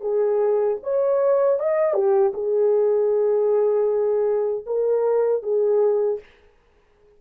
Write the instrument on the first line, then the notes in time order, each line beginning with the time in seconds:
horn
0.00 G#4
0.83 C#5
1.59 D#5
1.94 G4
2.34 G#4
4.66 A#4
5.42 G#4